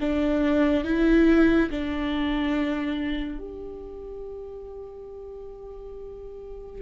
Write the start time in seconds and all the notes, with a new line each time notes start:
0.00 D4
0.84 E4
1.71 D4
3.39 G4